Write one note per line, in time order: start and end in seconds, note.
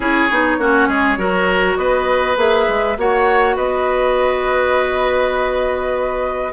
0.00 0.29 C#4
0.00 0.29 E4
0.00 0.57 G#4
0.00 1.76 C#5
0.30 0.58 B3
0.30 0.59 D#4
0.58 0.88 A#3
0.58 1.17 C#4
0.58 0.88 F#4
0.88 1.17 G#3
0.88 1.18 G#4
1.17 1.76 F#3
1.17 2.36 F#4
1.17 1.78 A#4
1.76 2.36 B3
1.76 2.97 B4
1.76 2.36 D#5
2.36 2.66 A#3
2.36 2.96 G#4
2.36 2.98 E5
2.68 2.97 G#3
2.97 3.56 A#3
2.97 6.53 F#4
2.97 3.55 C#5
2.97 3.56 F#5
3.55 6.53 B3
3.55 6.52 B4
3.55 6.53 D#5